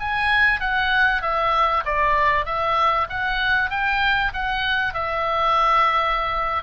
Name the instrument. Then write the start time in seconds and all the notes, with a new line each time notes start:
oboe
0.00 G#5
0.61 F#5
1.22 E5
1.86 D5
2.46 E5
3.10 F#5
3.71 G5
4.34 F#5
4.95 E5